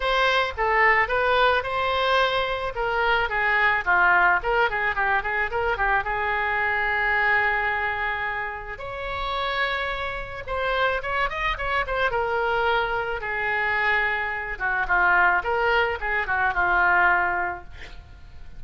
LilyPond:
\new Staff \with { instrumentName = "oboe" } { \time 4/4 \tempo 4 = 109 c''4 a'4 b'4 c''4~ | c''4 ais'4 gis'4 f'4 | ais'8 gis'8 g'8 gis'8 ais'8 g'8 gis'4~ | gis'1 |
cis''2. c''4 | cis''8 dis''8 cis''8 c''8 ais'2 | gis'2~ gis'8 fis'8 f'4 | ais'4 gis'8 fis'8 f'2 | }